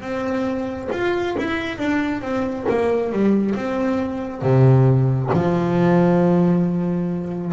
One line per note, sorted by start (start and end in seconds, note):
0.00 0.89 C4
0.91 1.36 F4
1.38 1.78 E4
1.78 2.21 D4
2.21 2.65 C4
2.69 3.12 A#3
3.12 3.55 G3
3.55 4.42 C4
4.42 5.30 C3
5.33 7.52 F3